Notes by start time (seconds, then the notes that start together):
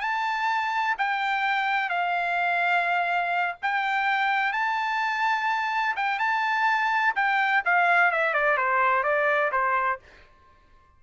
0.00 A5
0.98 G5
1.89 F5
3.62 G5
4.53 A5
5.96 G5
6.19 A5
7.15 G5
7.65 F5
8.11 E5
8.34 D5
8.57 C5
9.03 D5
9.52 C5